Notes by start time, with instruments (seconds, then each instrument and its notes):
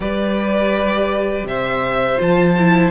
0.00 cello G3, viola G4, violin B4 D5
1.43 cello C3, violin C5 E5
2.16 cello F3, viola F4, violin A5
2.58 viola E4